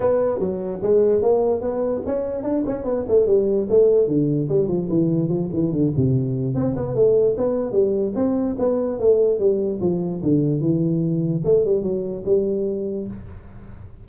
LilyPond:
\new Staff \with { instrumentName = "tuba" } { \time 4/4 \tempo 4 = 147 b4 fis4 gis4 ais4 | b4 cis'4 d'8 cis'8 b8 a8 | g4 a4 d4 g8 f8 | e4 f8 e8 d8 c4. |
c'8 b8 a4 b4 g4 | c'4 b4 a4 g4 | f4 d4 e2 | a8 g8 fis4 g2 | }